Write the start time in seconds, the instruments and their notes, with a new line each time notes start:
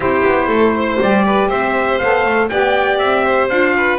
0.00 double bass C4, saxophone E4, violin G4, trumpet C5
0.25 double bass B3
0.47 double bass A3, violin A4
0.75 violin C5
1.00 double bass G3, saxophone G4, trumpet D5
1.26 violin B4
1.48 double bass C4, violin C5, trumpet E5
1.98 double bass B3, saxophone A4, trumpet F5
2.25 double bass A3
2.48 double bass B3, saxophone G4, violin D5, trumpet G5
2.98 double bass C4, trumpet E5
3.25 violin C5
3.49 double bass D4, saxophone F4, trumpet F5
3.76 violin B4